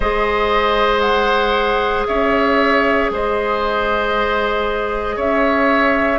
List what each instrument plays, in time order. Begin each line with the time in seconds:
0.00 bassoon G#3, clarinet G#4, oboe C5, flute D#5
1.00 flute F#5
2.07 bassoon C#4, oboe C#5, flute E5
3.10 bassoon G#3, oboe C5, flute D#5
5.16 bassoon C#4, oboe C#5, flute E5